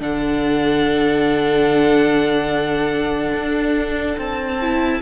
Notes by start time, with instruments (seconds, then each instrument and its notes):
0.00 cello D3, viola D4, violin A4 F#5
3.34 cello D4
4.18 cello C4, violin A5
4.61 viola E4